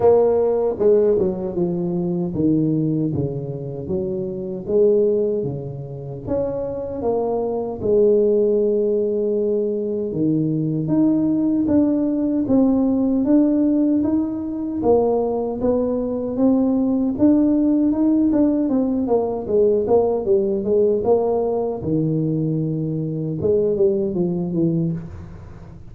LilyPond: \new Staff \with { instrumentName = "tuba" } { \time 4/4 \tempo 4 = 77 ais4 gis8 fis8 f4 dis4 | cis4 fis4 gis4 cis4 | cis'4 ais4 gis2~ | gis4 dis4 dis'4 d'4 |
c'4 d'4 dis'4 ais4 | b4 c'4 d'4 dis'8 d'8 | c'8 ais8 gis8 ais8 g8 gis8 ais4 | dis2 gis8 g8 f8 e8 | }